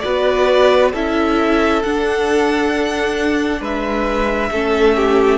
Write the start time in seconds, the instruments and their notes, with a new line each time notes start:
0.00 cello B3, viola F#4, violin B4 D5
0.92 cello C#4, viola E4, violin A4 E5
1.83 cello D4, viola D4, violin F#5
3.61 cello G#3, violin B4 E5
4.52 cello A3, viola C#4, violin A4
4.96 violin G4